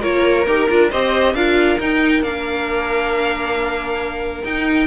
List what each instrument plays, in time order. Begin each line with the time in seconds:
0.00 cello A#3, viola F4, violin A#4 C#5
0.47 cello D#4, viola G4, violin A#4
0.70 cello D4, viola F4
0.90 cello C4, viola G4, violin C5 D#5
1.34 cello D4, viola F4, violin A#4 F5
1.80 cello D#4, viola D#4, violin G5
2.23 cello A#3, viola D4, violin F5
4.44 viola D#4, cello D#4, violin G5